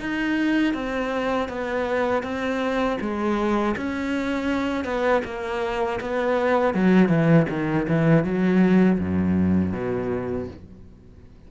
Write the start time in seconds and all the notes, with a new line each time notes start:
0.00 D#4
0.74 C4
1.49 B3
2.23 C4
3.01 G#3
3.77 C#4
4.85 B3
5.25 A#3
6.01 B3
6.74 F#3
7.09 E3
7.50 D#3
7.89 E3
8.24 F#3
9.00 F#2
9.73 B2